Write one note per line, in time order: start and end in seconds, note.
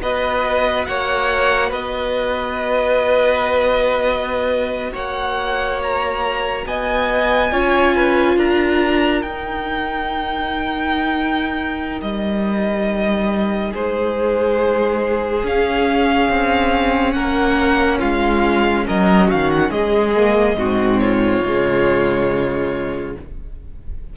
0.00 0.87 B3
0.00 7.50 F#4
0.00 0.87 B4
0.00 0.85 D#5
0.85 1.71 A#3
0.85 1.69 C#5
0.85 1.70 F#5
1.69 4.92 B3
1.69 4.90 B4
1.69 4.93 D#5
4.92 6.65 A#3
4.92 6.64 C#5
4.92 5.80 F#5
5.82 6.67 A#5
6.66 7.51 B3
6.66 7.52 D#5
6.66 8.38 G#5
7.51 8.36 C#4
7.51 9.22 F4
7.51 7.94 C#5
7.95 8.36 B4
8.36 9.22 D4
8.36 13.71 A#4
8.36 9.22 A#5
9.22 12.00 D#4
9.22 15.43 D#4
9.22 12.00 G5
12.01 13.72 G3
12.01 13.72 D#5
13.71 15.43 G#3
13.71 17.13 G#4
13.71 15.45 C5
15.43 16.28 C#4
15.43 20.14 C#4
15.43 17.12 F5
16.29 17.15 C4
17.12 18.01 A#3
17.12 17.98 A#4
17.12 17.98 F#5
17.98 18.87 G#3
17.98 18.84 F4
17.98 18.86 F5
18.86 19.32 F#3
18.86 19.27 A#4
18.86 19.30 D#5
19.27 19.69 D#3
19.27 19.70 F#4
19.27 19.50 F5
19.50 19.71 F#5
19.69 20.55 G#3
19.69 20.57 G#4
19.69 20.98 D#5
20.14 20.57 A#3
20.55 21.41 G#2
20.55 21.43 C4
20.55 21.01 F#4
20.98 23.16 F4
20.98 23.13 C#5
21.44 23.15 C#3
21.44 23.16 G#3